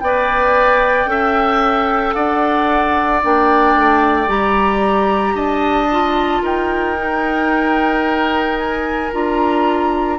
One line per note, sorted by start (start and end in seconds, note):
0.00 1.05 B3
0.00 1.07 B4
0.00 1.10 D5
0.00 2.13 G5
1.05 2.12 C#4
1.05 3.21 A4
1.05 2.15 E5
2.13 3.22 D4
2.13 5.35 D5
2.13 3.21 F#5
3.23 3.75 A#3
3.23 4.27 D4
3.23 4.29 G5
3.75 4.28 A3
4.27 5.33 G3
4.27 5.88 G4
4.27 5.36 A#5
5.33 6.41 D4
5.33 6.42 D#5
5.33 6.43 A5
5.91 6.96 F4
6.43 9.11 D#4
6.43 10.18 A#4
6.43 8.58 G5
6.96 9.11 D#4
8.58 9.12 G#5
9.12 10.19 D4
9.12 10.19 F4
9.12 10.19 A#5